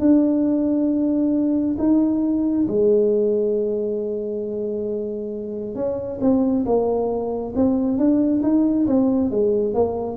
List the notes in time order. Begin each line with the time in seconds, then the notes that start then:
0.00 D4
1.78 D#4
2.68 G#3
5.75 C#4
6.21 C4
6.65 A#3
7.56 C4
7.98 D4
8.43 D#4
8.87 C4
9.30 G#3
9.74 A#3